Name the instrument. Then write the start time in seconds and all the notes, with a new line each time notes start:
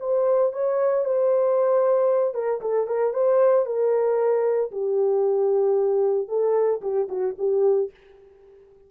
horn
0.00 C5
0.53 C#5
1.05 C5
2.34 A#4
2.61 A4
2.87 A#4
3.14 C5
3.66 A#4
4.72 G4
6.28 A4
6.82 G4
7.09 F#4
7.38 G4